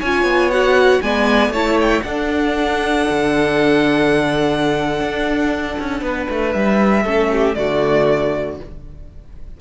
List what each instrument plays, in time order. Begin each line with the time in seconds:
0.00 cello C#4, viola F4, violin C#5 G#5
0.23 cello B3
0.51 viola F#4, violin F#5
1.02 cello G#3, viola B3, violin D5 G#5
1.49 cello A3, viola E4, violin C#5 A5
1.81 violin G5
2.02 cello D4, viola D4, violin A4 F#5
3.10 cello D3
5.01 cello D4
5.79 cello C#4
6.02 cello B3, violin B4
6.30 cello A3
6.52 cello G3, violin E5
7.03 cello A3, viola C#4, violin A4
7.32 violin G4
7.55 cello D3, viola A3, violin F#4 D5